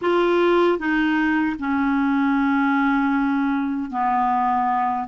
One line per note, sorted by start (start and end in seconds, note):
0.01 0.78 F4
0.78 1.56 D#4
1.59 3.91 C#4
3.91 5.08 B3